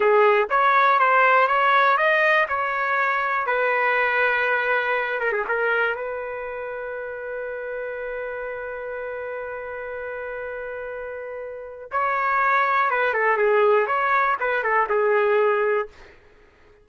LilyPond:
\new Staff \with { instrumentName = "trumpet" } { \time 4/4 \tempo 4 = 121 gis'4 cis''4 c''4 cis''4 | dis''4 cis''2 b'4~ | b'2~ b'8 ais'16 gis'16 ais'4 | b'1~ |
b'1~ | b'1 | cis''2 b'8 a'8 gis'4 | cis''4 b'8 a'8 gis'2 | }